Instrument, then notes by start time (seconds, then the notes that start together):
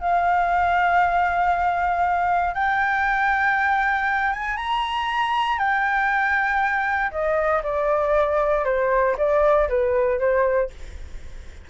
flute
0.00 F5
2.54 G5
4.32 G#5
4.57 A#5
5.58 G5
7.11 D#5
7.63 D5
8.65 C5
9.18 D5
9.69 B4
10.19 C5